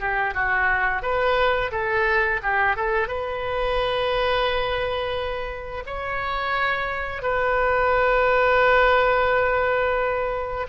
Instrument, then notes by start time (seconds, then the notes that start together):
oboe
0.00 G4
0.34 F#4
1.03 B4
1.72 A4
2.43 G4
2.77 A4
3.08 B4
5.87 C#5
7.23 B4